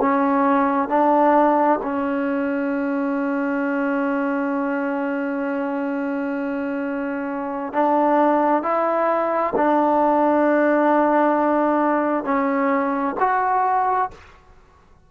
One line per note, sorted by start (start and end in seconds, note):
0.00 0.88 C#4
0.88 1.79 D4
1.82 7.73 C#4
7.73 8.62 D4
8.62 9.53 E4
9.55 12.24 D4
12.24 13.15 C#4
13.19 14.10 F#4